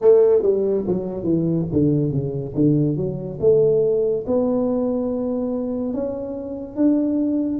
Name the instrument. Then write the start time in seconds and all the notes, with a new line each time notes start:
tuba
0.01 A3
0.42 G3
0.87 F#3
1.23 E3
1.72 D3
2.11 C#3
2.54 D3
2.96 F#3
3.40 A3
4.26 B3
5.93 C#4
6.76 D4